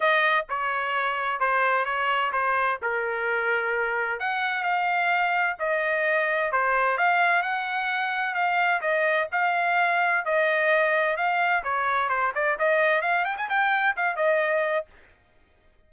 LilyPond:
\new Staff \with { instrumentName = "trumpet" } { \time 4/4 \tempo 4 = 129 dis''4 cis''2 c''4 | cis''4 c''4 ais'2~ | ais'4 fis''4 f''2 | dis''2 c''4 f''4 |
fis''2 f''4 dis''4 | f''2 dis''2 | f''4 cis''4 c''8 d''8 dis''4 | f''8 g''16 gis''16 g''4 f''8 dis''4. | }